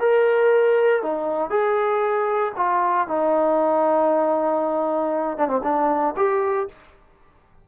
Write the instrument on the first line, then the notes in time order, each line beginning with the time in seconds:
trombone
0.00 A#4
1.02 D#4
1.50 G#4
2.56 F4
3.07 D#4
5.38 D4
5.48 C4
5.63 D4
6.17 G4